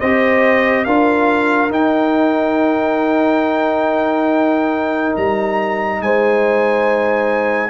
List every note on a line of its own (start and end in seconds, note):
0.00 0.86 C4
0.00 0.87 G4
0.00 0.86 C5
0.00 0.85 D#5
0.85 1.70 D4
0.85 1.70 F4
0.85 6.00 A#4
0.85 1.71 F5
1.70 5.13 D#4
1.70 7.70 D#4
1.70 5.16 G5
5.16 6.01 G3
5.16 6.02 A#5
6.01 7.70 G#3
6.01 7.70 C5
6.01 7.70 G#5